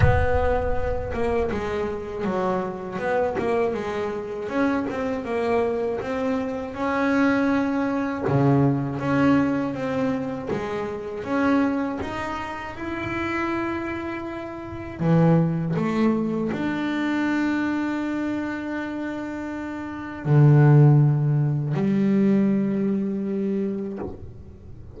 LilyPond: \new Staff \with { instrumentName = "double bass" } { \time 4/4 \tempo 4 = 80 b4. ais8 gis4 fis4 | b8 ais8 gis4 cis'8 c'8 ais4 | c'4 cis'2 cis4 | cis'4 c'4 gis4 cis'4 |
dis'4 e'2. | e4 a4 d'2~ | d'2. d4~ | d4 g2. | }